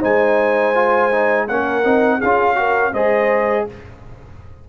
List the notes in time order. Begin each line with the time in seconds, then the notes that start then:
0.00 G#3 D#4 C5 G#5
0.74 F4
1.11 D#4
1.48 A#3 C#4 A#4 F#5
1.83 C4 D#4
2.18 C#4 G#4 F5
2.25 F4
2.55 F#4 A#4
2.92 G#3 G#4 C5 D#5